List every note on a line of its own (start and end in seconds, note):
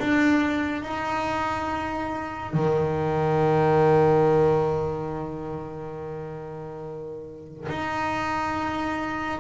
0.00 0.83 D4
0.83 2.54 D#4
2.54 7.68 D#3
7.69 9.40 D#4